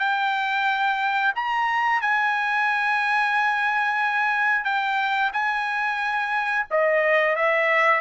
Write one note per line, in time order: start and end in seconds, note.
0.00 1.33 G5
1.36 2.02 A#5
2.02 4.65 G#5
4.65 5.32 G5
5.33 6.67 G#5
6.71 7.36 D#5
7.36 8.01 E5